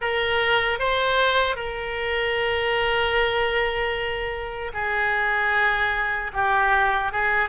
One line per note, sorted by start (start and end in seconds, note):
0.01 0.79 A#4
0.79 1.55 C5
1.55 4.71 A#4
4.73 6.31 G#4
6.33 7.12 G4
7.12 7.49 G#4